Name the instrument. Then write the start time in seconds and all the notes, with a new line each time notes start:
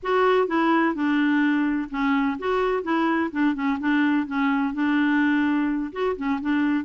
clarinet
0.03 F#4
0.47 E4
0.94 D4
1.90 C#4
2.39 F#4
2.83 E4
3.31 D4
3.54 C#4
3.79 D4
4.26 C#4
4.73 D4
5.92 F#4
6.16 C#4
6.41 D4